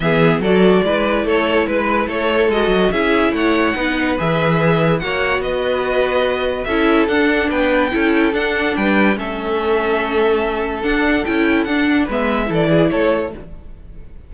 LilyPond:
<<
  \new Staff \with { instrumentName = "violin" } { \time 4/4 \tempo 4 = 144 e''4 d''2 cis''4 | b'4 cis''4 dis''4 e''4 | fis''2 e''2 | fis''4 dis''2. |
e''4 fis''4 g''2 | fis''4 g''4 e''2~ | e''2 fis''4 g''4 | fis''4 e''4 d''4 cis''4 | }
  \new Staff \with { instrumentName = "violin" } { \time 4/4 gis'4 a'4 b'4 a'4 | b'4 a'2 gis'4 | cis''4 b'2. | cis''4 b'2. |
a'2 b'4 a'4~ | a'4 b'4 a'2~ | a'1~ | a'4 b'4 a'8 gis'8 a'4 | }
  \new Staff \with { instrumentName = "viola" } { \time 4/4 b4 fis'4 e'2~ | e'2 fis'4 e'4~ | e'4 dis'4 gis'2 | fis'1 |
e'4 d'2 e'4 | d'2 cis'2~ | cis'2 d'4 e'4 | d'4 b4 e'2 | }
  \new Staff \with { instrumentName = "cello" } { \time 4/4 e4 fis4 gis4 a4 | gis4 a4 gis8 fis8 cis'4 | a4 b4 e2 | ais4 b2. |
cis'4 d'4 b4 cis'4 | d'4 g4 a2~ | a2 d'4 cis'4 | d'4 gis4 e4 a4 | }
>>